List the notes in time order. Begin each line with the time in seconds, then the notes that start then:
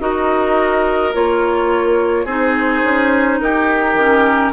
0.00 D#4 F#4 A#4 D#5
1.13 A#3 F4 C#5
2.25 C4 D#4 G#4 C5
2.83 C#4
3.40 D#4 G4 A#4
3.94 D#3 C#4